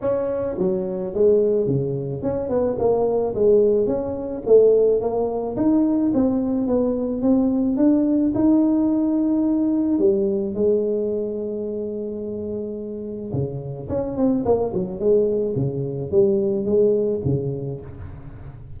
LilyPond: \new Staff \with { instrumentName = "tuba" } { \time 4/4 \tempo 4 = 108 cis'4 fis4 gis4 cis4 | cis'8 b8 ais4 gis4 cis'4 | a4 ais4 dis'4 c'4 | b4 c'4 d'4 dis'4~ |
dis'2 g4 gis4~ | gis1 | cis4 cis'8 c'8 ais8 fis8 gis4 | cis4 g4 gis4 cis4 | }